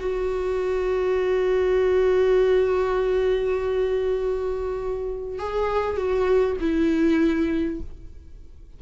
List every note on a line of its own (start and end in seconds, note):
0.00 5.39 F#4
5.39 5.97 G#4
5.97 6.57 F#4
6.60 7.80 E4